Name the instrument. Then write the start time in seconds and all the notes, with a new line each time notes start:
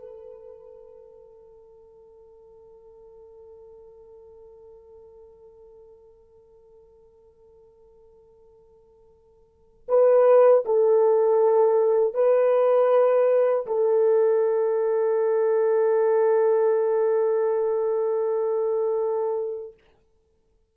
horn
0.00 A4
9.89 B4
10.65 A4
12.14 B4
13.67 A4